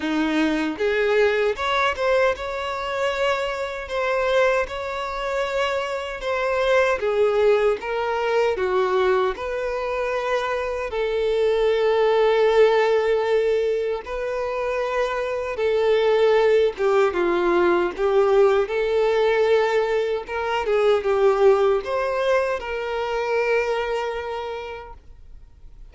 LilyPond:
\new Staff \with { instrumentName = "violin" } { \time 4/4 \tempo 4 = 77 dis'4 gis'4 cis''8 c''8 cis''4~ | cis''4 c''4 cis''2 | c''4 gis'4 ais'4 fis'4 | b'2 a'2~ |
a'2 b'2 | a'4. g'8 f'4 g'4 | a'2 ais'8 gis'8 g'4 | c''4 ais'2. | }